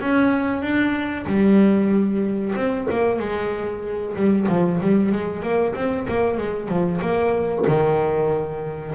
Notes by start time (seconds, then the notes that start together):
0.00 C#4
0.62 D4
1.26 G3
2.55 C4
2.90 A#3
3.19 G#3
4.15 G3
4.48 F3
4.81 G3
5.12 G#3
5.42 A#3
5.75 C4
6.08 A#3
6.37 G#3
6.68 F3
7.01 A#3
7.67 D#3